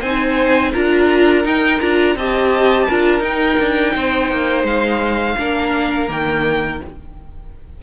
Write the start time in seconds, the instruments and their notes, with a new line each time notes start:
0.00 cello C4, viola D#4, violin C5 G#5
0.72 cello D4, viola F4, violin A#4 A#5
1.44 viola D#4, cello D#4, violin G5
1.81 cello D4, viola F4, violin A#5
2.16 cello C4, viola G4, violin D#5 A5
2.87 cello D4, viola F4, violin A#4
3.20 cello D#4, viola D#4, violin G5
3.60 cello D4
3.95 cello C4, violin C5
4.31 cello A#3
4.63 cello G#3, violin F5
5.38 cello A#3, viola D4, violin A#4
6.08 cello D#3, viola A#3, violin G5